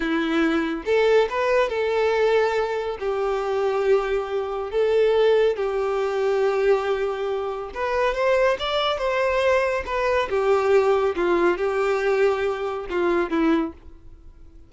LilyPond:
\new Staff \with { instrumentName = "violin" } { \time 4/4 \tempo 4 = 140 e'2 a'4 b'4 | a'2. g'4~ | g'2. a'4~ | a'4 g'2.~ |
g'2 b'4 c''4 | d''4 c''2 b'4 | g'2 f'4 g'4~ | g'2 f'4 e'4 | }